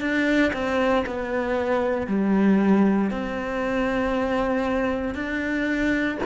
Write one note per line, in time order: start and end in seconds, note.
0.00 0.52 D4
0.53 1.04 C4
1.06 2.07 B3
2.07 3.10 G3
3.10 5.14 C4
5.14 6.18 D4